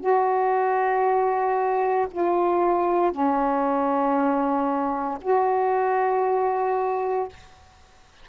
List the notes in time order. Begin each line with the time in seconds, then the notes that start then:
0.00 F#4
2.11 F4
3.11 C#4
5.21 F#4